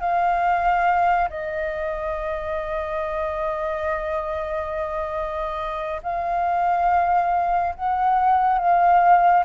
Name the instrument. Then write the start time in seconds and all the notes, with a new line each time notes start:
flute
0.00 F5
1.29 D#5
6.03 F5
7.75 F#5
8.58 F5